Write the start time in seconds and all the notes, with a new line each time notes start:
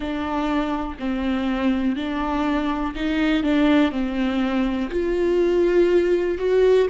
0.00 D4
0.99 C4
1.95 D4
2.95 D#4
3.42 D4
3.91 C4
4.90 F4
6.38 F#4